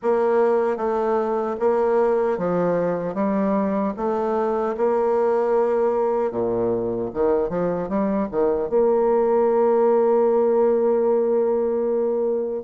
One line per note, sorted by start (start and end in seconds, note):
0.02 0.76 A#3
0.76 1.55 A3
1.59 2.38 A#3
2.38 3.14 F3
3.14 3.93 G3
3.96 4.75 A3
4.77 6.31 A#3
6.31 7.10 A#2
7.13 7.49 D#3
7.49 7.88 F3
7.88 8.28 G3
8.31 8.69 D#3
8.69 12.63 A#3